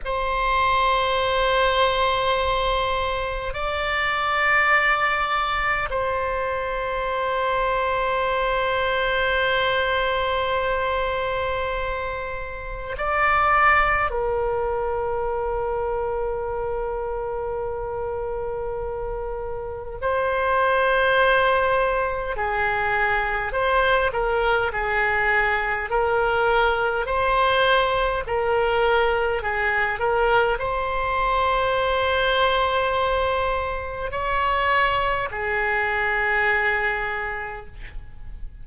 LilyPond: \new Staff \with { instrumentName = "oboe" } { \time 4/4 \tempo 4 = 51 c''2. d''4~ | d''4 c''2.~ | c''2. d''4 | ais'1~ |
ais'4 c''2 gis'4 | c''8 ais'8 gis'4 ais'4 c''4 | ais'4 gis'8 ais'8 c''2~ | c''4 cis''4 gis'2 | }